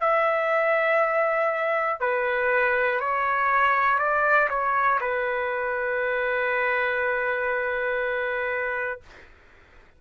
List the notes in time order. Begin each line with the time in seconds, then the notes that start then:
0.00 E5
2.00 B4
3.00 C#5
3.99 D5
4.49 C#5
5.00 B4